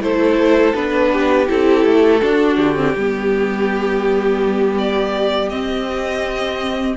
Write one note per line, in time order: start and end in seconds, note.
0.00 0.73 A3
0.00 0.74 E4
0.00 1.12 A4
0.00 0.75 C5
0.75 1.48 B3
0.75 1.47 D4
0.75 1.48 B4
1.12 2.21 G4
1.47 1.85 C4
1.47 2.20 E4
1.47 2.56 A4
1.85 2.21 A3
2.21 2.75 D4
2.21 2.58 D4
2.21 2.94 F#4
2.56 2.94 D3
2.56 4.75 G4
2.75 2.94 C4
2.94 5.50 G3
2.94 5.51 B3
2.94 6.96 G4
4.78 5.49 D5
5.49 6.96 C4
5.49 6.96 D#5